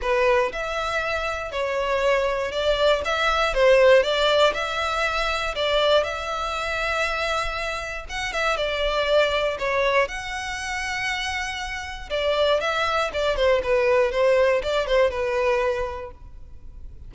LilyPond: \new Staff \with { instrumentName = "violin" } { \time 4/4 \tempo 4 = 119 b'4 e''2 cis''4~ | cis''4 d''4 e''4 c''4 | d''4 e''2 d''4 | e''1 |
fis''8 e''8 d''2 cis''4 | fis''1 | d''4 e''4 d''8 c''8 b'4 | c''4 d''8 c''8 b'2 | }